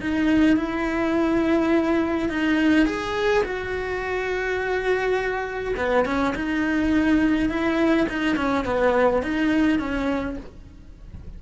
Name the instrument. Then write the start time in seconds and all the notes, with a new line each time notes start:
cello
0.00 D#4
0.56 E4
2.29 D#4
2.85 G#4
3.43 F#4
5.76 B3
6.05 C#4
6.35 D#4
7.49 E4
8.09 D#4
8.36 C#4
8.65 B3
9.22 D#4
9.79 C#4